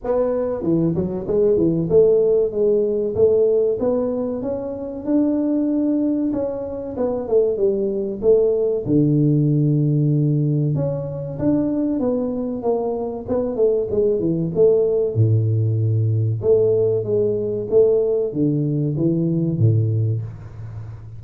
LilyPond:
\new Staff \with { instrumentName = "tuba" } { \time 4/4 \tempo 4 = 95 b4 e8 fis8 gis8 e8 a4 | gis4 a4 b4 cis'4 | d'2 cis'4 b8 a8 | g4 a4 d2~ |
d4 cis'4 d'4 b4 | ais4 b8 a8 gis8 e8 a4 | a,2 a4 gis4 | a4 d4 e4 a,4 | }